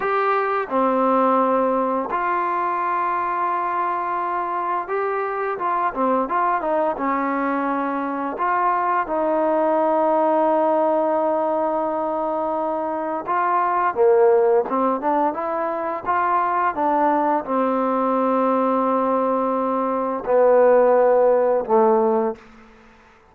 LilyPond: \new Staff \with { instrumentName = "trombone" } { \time 4/4 \tempo 4 = 86 g'4 c'2 f'4~ | f'2. g'4 | f'8 c'8 f'8 dis'8 cis'2 | f'4 dis'2.~ |
dis'2. f'4 | ais4 c'8 d'8 e'4 f'4 | d'4 c'2.~ | c'4 b2 a4 | }